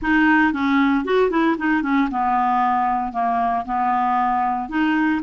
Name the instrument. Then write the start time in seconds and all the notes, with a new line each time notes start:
clarinet
0.01 D#4
0.52 C#4
1.05 F#4
1.30 E4
1.58 D#4
1.82 C#4
2.10 B3
3.12 A#3
3.65 B3
4.68 D#4